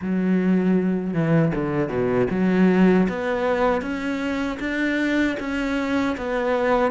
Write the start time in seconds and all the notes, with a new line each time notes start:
0.01 F#3
1.13 E3
1.55 D3
1.88 B2
2.30 F#3
3.08 B3
3.81 C#4
4.59 D4
5.39 C#4
6.17 B3